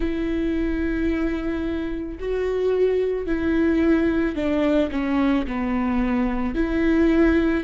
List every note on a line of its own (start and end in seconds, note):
0.00 2.18 E4
2.19 3.26 F#4
3.26 4.35 E4
4.35 4.90 D4
4.91 5.45 C#4
5.46 6.55 B3
6.55 7.64 E4